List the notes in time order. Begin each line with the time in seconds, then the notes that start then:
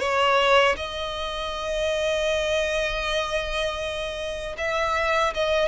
0.00 C#5
0.77 D#5
4.58 E5
5.34 D#5